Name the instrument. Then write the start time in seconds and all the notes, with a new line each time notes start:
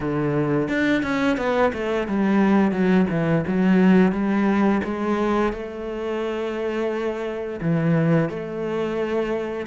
cello
0.00 D3
0.68 D4
1.03 C#4
1.37 B3
1.73 A3
2.07 G3
2.71 F#3
3.10 E3
3.47 F#3
4.12 G3
4.84 G#3
5.53 A3
7.61 E3
8.29 A3